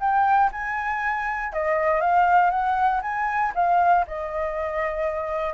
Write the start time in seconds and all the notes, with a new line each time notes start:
0.00 G5
0.52 G#5
1.53 D#5
2.01 F5
2.50 F#5
3.02 G#5
3.55 F5
4.07 D#5